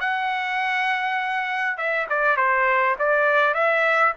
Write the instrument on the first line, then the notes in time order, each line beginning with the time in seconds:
trumpet
0.00 F#5
1.77 E5
2.09 D5
2.37 C5
2.99 D5
3.54 E5